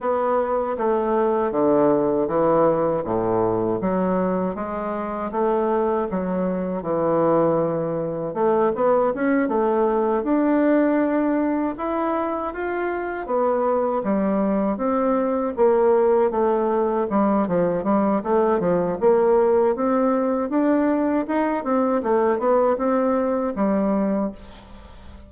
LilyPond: \new Staff \with { instrumentName = "bassoon" } { \time 4/4 \tempo 4 = 79 b4 a4 d4 e4 | a,4 fis4 gis4 a4 | fis4 e2 a8 b8 | cis'8 a4 d'2 e'8~ |
e'8 f'4 b4 g4 c'8~ | c'8 ais4 a4 g8 f8 g8 | a8 f8 ais4 c'4 d'4 | dis'8 c'8 a8 b8 c'4 g4 | }